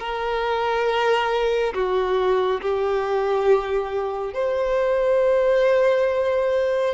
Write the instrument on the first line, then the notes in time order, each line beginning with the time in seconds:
violin
0.00 A#4
1.74 F#4
2.62 G4
4.34 C5